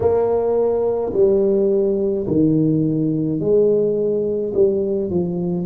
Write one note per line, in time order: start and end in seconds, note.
0.00 1.12 A#3
1.13 2.26 G3
2.27 3.40 D#3
3.40 4.53 G#3
4.53 5.09 G3
5.09 5.66 F3